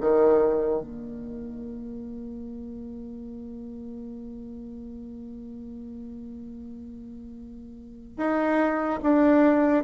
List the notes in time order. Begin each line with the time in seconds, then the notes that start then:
0.00 D#3
0.81 A#3
8.17 D#4
9.02 D4